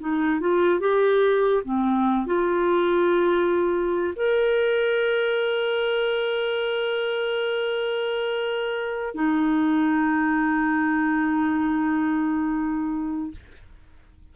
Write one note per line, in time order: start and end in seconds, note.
0.00 0.41 D#4
0.41 0.80 F4
0.80 1.64 G4
1.65 2.27 C4
2.27 4.14 F4
4.16 9.15 A#4
9.15 13.32 D#4